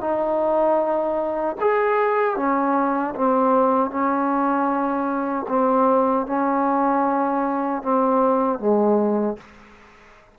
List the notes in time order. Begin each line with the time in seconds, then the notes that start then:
0.00 D#4
1.60 G#4
2.36 C#4
3.15 C4
3.90 C#4
5.48 C4
6.26 C#4
7.82 C4
8.59 G#3